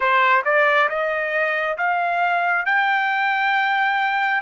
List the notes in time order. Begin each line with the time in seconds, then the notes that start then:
0.00 C5
0.44 D5
0.89 D#5
1.77 F5
2.65 G5